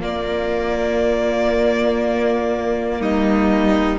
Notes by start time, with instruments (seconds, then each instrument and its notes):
0.00 viola A#3, cello A#3, violin F4 D5
3.00 cello G3, violin D#4 D#5